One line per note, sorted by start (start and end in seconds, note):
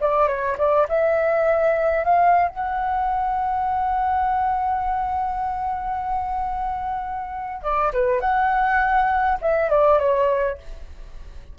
0.00 0.27 D5
0.27 0.57 C#5
0.58 0.87 D5
0.89 2.04 E5
2.04 2.48 F5
2.49 7.63 F#5
7.63 7.92 D5
7.93 8.21 B4
8.21 9.39 F#5
9.42 9.70 E5
9.70 9.99 D5
9.99 10.58 C#5